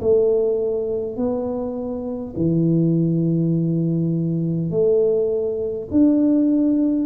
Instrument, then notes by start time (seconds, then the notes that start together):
tuba
0.00 A3
1.16 B3
2.36 E3
4.70 A3
5.90 D4